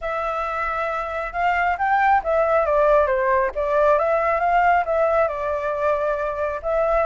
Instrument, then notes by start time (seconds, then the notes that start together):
flute
0.01 E5
1.32 F5
1.78 G5
2.23 E5
2.65 D5
3.06 C5
3.55 D5
3.98 E5
4.40 F5
4.85 E5
5.28 D5
6.62 E5